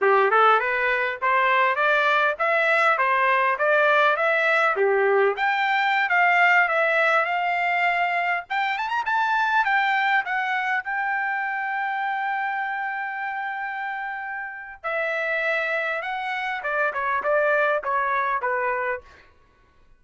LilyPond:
\new Staff \with { instrumentName = "trumpet" } { \time 4/4 \tempo 4 = 101 g'8 a'8 b'4 c''4 d''4 | e''4 c''4 d''4 e''4 | g'4 g''4~ g''16 f''4 e''8.~ | e''16 f''2 g''8 a''16 ais''16 a''8.~ |
a''16 g''4 fis''4 g''4.~ g''16~ | g''1~ | g''4 e''2 fis''4 | d''8 cis''8 d''4 cis''4 b'4 | }